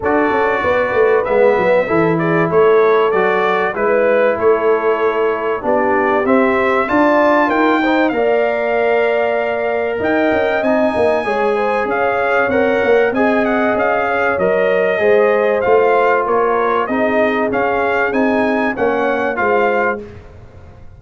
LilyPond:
<<
  \new Staff \with { instrumentName = "trumpet" } { \time 4/4 \tempo 4 = 96 d''2 e''4. d''8 | cis''4 d''4 b'4 cis''4~ | cis''4 d''4 e''4 a''4 | g''4 f''2. |
g''4 gis''2 f''4 | fis''4 gis''8 fis''8 f''4 dis''4~ | dis''4 f''4 cis''4 dis''4 | f''4 gis''4 fis''4 f''4 | }
  \new Staff \with { instrumentName = "horn" } { \time 4/4 a'4 b'2 a'8 gis'8 | a'2 b'4 a'4~ | a'4 g'2 d''4 | ais'8 c''8 d''2. |
dis''2 cis''8 c''8 cis''4~ | cis''4 dis''4. cis''4. | c''2 ais'4 gis'4~ | gis'2 cis''4 c''4 | }
  \new Staff \with { instrumentName = "trombone" } { \time 4/4 fis'2 b4 e'4~ | e'4 fis'4 e'2~ | e'4 d'4 c'4 f'4~ | f'8 dis'8 ais'2.~ |
ais'4 dis'4 gis'2 | ais'4 gis'2 ais'4 | gis'4 f'2 dis'4 | cis'4 dis'4 cis'4 f'4 | }
  \new Staff \with { instrumentName = "tuba" } { \time 4/4 d'8 cis'8 b8 a8 gis8 fis8 e4 | a4 fis4 gis4 a4~ | a4 b4 c'4 d'4 | dis'4 ais2. |
dis'8 cis'8 c'8 ais8 gis4 cis'4 | c'8 ais8 c'4 cis'4 fis4 | gis4 a4 ais4 c'4 | cis'4 c'4 ais4 gis4 | }
>>